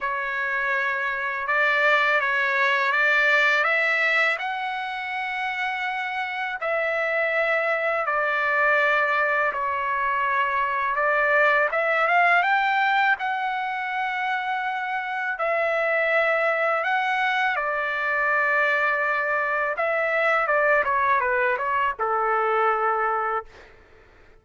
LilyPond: \new Staff \with { instrumentName = "trumpet" } { \time 4/4 \tempo 4 = 82 cis''2 d''4 cis''4 | d''4 e''4 fis''2~ | fis''4 e''2 d''4~ | d''4 cis''2 d''4 |
e''8 f''8 g''4 fis''2~ | fis''4 e''2 fis''4 | d''2. e''4 | d''8 cis''8 b'8 cis''8 a'2 | }